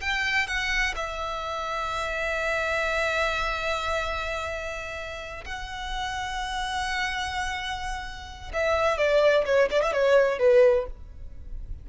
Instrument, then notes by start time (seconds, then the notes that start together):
violin
0.00 G5
0.47 F#5
0.95 E5
5.45 F#5
8.53 E5
8.97 D5
9.45 C#5
9.71 D5
9.82 E5
9.93 C#5
10.39 B4